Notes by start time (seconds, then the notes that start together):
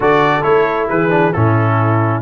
0.00 D3 F#4 A4 D5
0.42 A3 E4 C#5
0.89 E3 G#4 B4
1.09 D4
1.32 A2 C#4 E4 A4